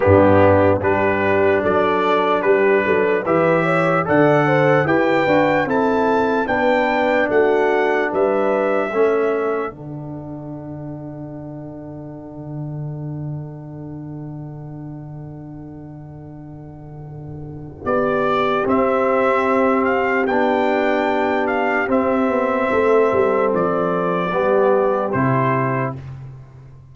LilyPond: <<
  \new Staff \with { instrumentName = "trumpet" } { \time 4/4 \tempo 4 = 74 g'4 b'4 d''4 b'4 | e''4 fis''4 g''4 a''4 | g''4 fis''4 e''2 | fis''1~ |
fis''1~ | fis''2 d''4 e''4~ | e''8 f''8 g''4. f''8 e''4~ | e''4 d''2 c''4 | }
  \new Staff \with { instrumentName = "horn" } { \time 4/4 d'4 g'4 a'4 g'8 a'8 | b'8 cis''8 d''8 c''8 b'4 a'4 | b'4 fis'4 b'4 a'4~ | a'1~ |
a'1~ | a'2 g'2~ | g'1 | a'2 g'2 | }
  \new Staff \with { instrumentName = "trombone" } { \time 4/4 b4 d'2. | g'4 a'4 g'8 fis'8 e'4 | d'2. cis'4 | d'1~ |
d'1~ | d'2. c'4~ | c'4 d'2 c'4~ | c'2 b4 e'4 | }
  \new Staff \with { instrumentName = "tuba" } { \time 4/4 g,4 g4 fis4 g8 fis8 | e4 d4 e'8 d'8 c'4 | b4 a4 g4 a4 | d1~ |
d1~ | d2 b4 c'4~ | c'4 b2 c'8 b8 | a8 g8 f4 g4 c4 | }
>>